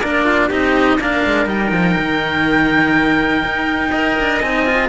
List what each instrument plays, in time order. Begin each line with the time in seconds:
0.00 cello A#3 D4, trumpet A#4, oboe D5
0.25 trumpet F4
0.48 cello C4 D#4, trumpet G4, oboe D#5
1.00 cello A#3 D4, trumpet A#4, oboe F5
1.24 cello G#3
1.46 cello G3 D#4, oboe G5
1.71 cello F3
1.98 cello D#3
3.45 cello D#4
3.91 cello A#4, trumpet D#5
4.20 cello D4
4.41 cello C4 D#4, oboe G#5
4.66 cello F4